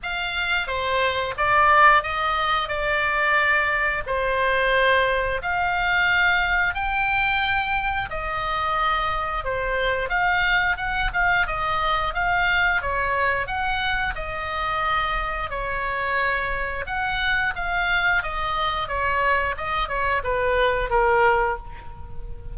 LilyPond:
\new Staff \with { instrumentName = "oboe" } { \time 4/4 \tempo 4 = 89 f''4 c''4 d''4 dis''4 | d''2 c''2 | f''2 g''2 | dis''2 c''4 f''4 |
fis''8 f''8 dis''4 f''4 cis''4 | fis''4 dis''2 cis''4~ | cis''4 fis''4 f''4 dis''4 | cis''4 dis''8 cis''8 b'4 ais'4 | }